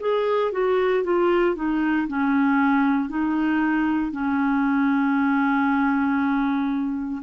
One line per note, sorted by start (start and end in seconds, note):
0.00 0.51 G#4
0.51 1.03 F#4
1.03 1.55 F4
1.55 2.07 D#4
2.07 3.08 C#4
3.08 4.11 D#4
4.11 7.22 C#4